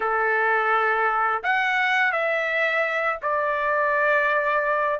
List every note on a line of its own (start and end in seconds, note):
0.00 1.43 A4
1.43 2.12 F#5
2.12 3.19 E5
3.21 5.00 D5